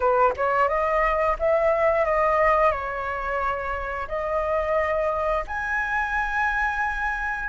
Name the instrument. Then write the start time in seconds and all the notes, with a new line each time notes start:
flute
0.00 B4
0.36 C#5
0.68 D#5
1.39 E5
2.05 D#5
2.71 C#5
4.08 D#5
5.47 G#5